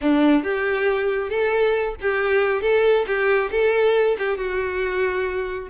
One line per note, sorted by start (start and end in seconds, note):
0.01 0.43 D4
0.43 1.29 G4
1.29 1.95 A4
2.01 2.61 G4
2.61 3.05 A4
3.06 3.50 G4
3.51 4.16 A4
4.18 4.37 G4
4.37 5.68 F#4